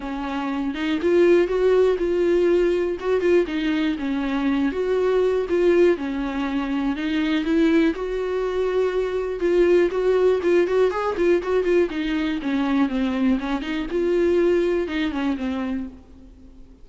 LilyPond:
\new Staff \with { instrumentName = "viola" } { \time 4/4 \tempo 4 = 121 cis'4. dis'8 f'4 fis'4 | f'2 fis'8 f'8 dis'4 | cis'4. fis'4. f'4 | cis'2 dis'4 e'4 |
fis'2. f'4 | fis'4 f'8 fis'8 gis'8 f'8 fis'8 f'8 | dis'4 cis'4 c'4 cis'8 dis'8 | f'2 dis'8 cis'8 c'4 | }